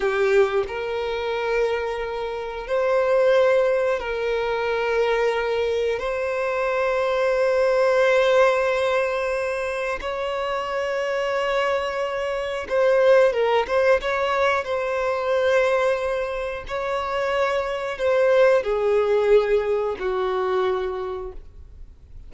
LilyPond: \new Staff \with { instrumentName = "violin" } { \time 4/4 \tempo 4 = 90 g'4 ais'2. | c''2 ais'2~ | ais'4 c''2.~ | c''2. cis''4~ |
cis''2. c''4 | ais'8 c''8 cis''4 c''2~ | c''4 cis''2 c''4 | gis'2 fis'2 | }